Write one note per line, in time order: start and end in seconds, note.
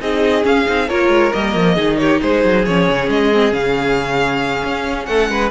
0.00 0.45 C4
0.00 0.43 D#4
0.00 0.88 G#4
0.00 0.44 D#5
0.43 0.65 C#4
0.43 0.67 C#4
0.43 0.89 F5
0.65 0.90 C4
0.65 0.87 D#4
0.88 1.08 A#3
0.88 1.32 F4
0.88 1.74 A#4
0.88 1.32 C#5
1.08 1.30 G#3
1.32 1.54 G3
1.32 1.76 A#3
1.32 1.97 D#5
1.54 1.76 F3
1.74 2.20 D#3
1.74 2.64 D#4
1.74 1.96 G#4
1.97 2.20 G4
1.97 2.19 C#5
2.20 2.44 G#3
2.20 5.07 G#4
2.20 2.65 C5
2.44 2.66 F#3
2.65 2.88 F3
2.65 3.33 C#4
2.65 3.09 C#5
2.88 3.08 C#3
3.08 3.52 G#3
3.08 3.53 D#5
3.33 3.50 C4
3.50 4.62 C#3
3.50 5.49 C#4
3.50 5.05 F5
4.64 5.07 C#4
5.05 5.28 A3
5.05 5.30 A4
5.05 5.49 F#5
5.28 5.50 G#3
5.28 5.51 B4